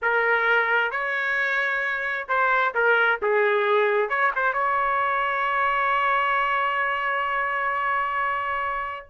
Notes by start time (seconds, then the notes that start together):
0.01 A#4
0.91 C#5
2.28 C5
2.74 A#4
3.22 G#4
4.09 C#5
4.35 C5
4.53 C#5